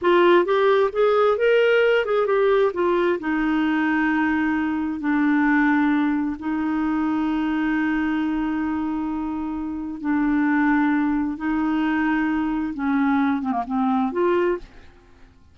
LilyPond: \new Staff \with { instrumentName = "clarinet" } { \time 4/4 \tempo 4 = 132 f'4 g'4 gis'4 ais'4~ | ais'8 gis'8 g'4 f'4 dis'4~ | dis'2. d'4~ | d'2 dis'2~ |
dis'1~ | dis'2 d'2~ | d'4 dis'2. | cis'4. c'16 ais16 c'4 f'4 | }